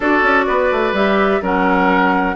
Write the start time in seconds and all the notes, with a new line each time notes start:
0.00 D4 F#4 A4 D5
0.22 C#4
0.47 B3 B4
0.71 A3
0.92 G3 G4 E5
1.41 F#3 C#4 A#4 F#5